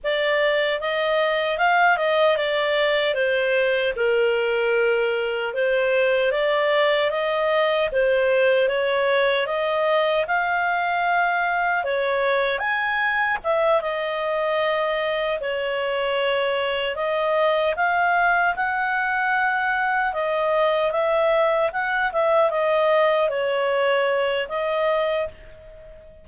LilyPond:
\new Staff \with { instrumentName = "clarinet" } { \time 4/4 \tempo 4 = 76 d''4 dis''4 f''8 dis''8 d''4 | c''4 ais'2 c''4 | d''4 dis''4 c''4 cis''4 | dis''4 f''2 cis''4 |
gis''4 e''8 dis''2 cis''8~ | cis''4. dis''4 f''4 fis''8~ | fis''4. dis''4 e''4 fis''8 | e''8 dis''4 cis''4. dis''4 | }